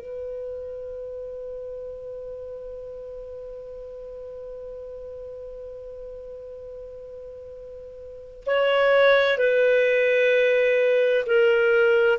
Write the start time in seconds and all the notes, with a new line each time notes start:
0.00 B4
8.46 C#5
9.37 B4
11.26 A#4